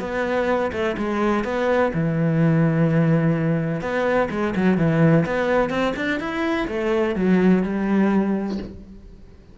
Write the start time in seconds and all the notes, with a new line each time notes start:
0.00 B3
0.72 A3
0.97 G#3
1.44 B3
1.94 E3
3.81 B3
4.30 G#3
4.56 F#3
4.77 E3
5.26 B3
5.70 C4
5.96 D4
6.20 E4
6.68 A3
7.16 F#3
7.63 G3